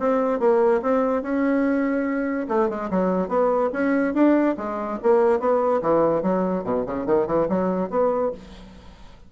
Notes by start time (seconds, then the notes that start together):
0.00 C4
0.40 A#3
0.82 C4
1.23 C#4
2.49 A3
2.69 G#3
2.91 F#3
3.29 B3
3.73 C#4
4.14 D4
4.57 G#3
5.03 A#3
5.40 B3
5.82 E3
6.23 F#3
6.64 B2
6.86 C#3
7.06 D#3
7.27 E3
7.49 F#3
7.90 B3